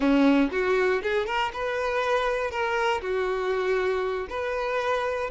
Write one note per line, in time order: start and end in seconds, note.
0.00 0.50 C#4
0.51 1.02 F#4
1.02 1.26 G#4
1.26 1.51 A#4
1.53 2.50 B4
2.50 3.01 A#4
3.01 4.27 F#4
4.29 5.30 B4